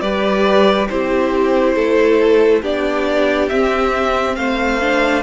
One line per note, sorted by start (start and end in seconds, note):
0.00 0.88 G3
0.00 0.89 G4
0.00 0.88 B4
0.00 0.87 D5
0.89 1.76 C4
0.89 2.63 E4
0.89 1.75 G4
0.89 2.62 C5
1.75 2.62 A3
1.75 2.62 A4
2.62 3.49 B3
2.62 3.50 D4
2.62 4.36 G4
2.62 3.49 D5
3.49 4.36 C4
3.49 4.80 C4
3.49 4.36 E5
4.36 5.22 A3
4.36 5.22 C5
4.36 5.22 F5
4.80 5.22 D4